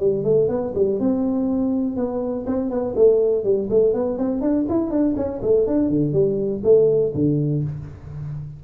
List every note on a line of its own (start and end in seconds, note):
0.00 0.24 G3
0.24 0.49 A3
0.49 0.73 B3
0.75 1.00 G3
1.00 1.97 C4
1.97 2.46 B3
2.47 2.70 C4
2.70 2.95 B3
2.96 3.44 A3
3.44 3.69 G3
3.70 3.94 A3
3.94 4.18 B3
4.18 4.42 C4
4.42 4.66 D4
4.69 4.90 E4
4.90 5.15 D4
5.16 5.41 C#4
5.42 5.67 A3
5.67 5.89 D4
5.89 6.13 D3
6.13 6.62 G3
6.64 7.13 A3
7.14 7.64 D3